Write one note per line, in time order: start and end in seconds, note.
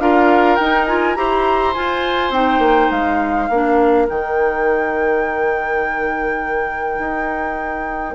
0.00 0.58 D4
0.00 0.59 F4
0.00 1.18 A#4
0.00 0.56 F5
0.56 1.17 D#4
0.56 0.89 D#4
0.56 0.85 G5
0.86 1.16 F4
0.86 1.15 G#5
1.15 1.75 E4
1.15 1.74 G4
1.15 3.49 C5
1.15 1.74 A#5
1.74 2.33 F4
1.74 2.31 F4
1.74 2.33 G#5
2.31 2.59 C4
2.31 3.50 D#4
2.31 2.91 G5
2.59 2.88 A#3
2.91 3.50 G#3
2.91 4.08 F5
3.49 4.08 A#3
3.49 4.08 D4
3.49 8.15 A#4
4.08 6.99 D#3
4.08 8.15 D#4
4.08 8.15 G5
6.99 8.15 D#4